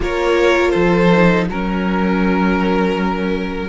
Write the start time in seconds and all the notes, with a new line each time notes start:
0.00 A#3 F4 A#4 C#5
0.70 F3 A4 C5
1.12 D#4
1.48 F#3 C#4 A#4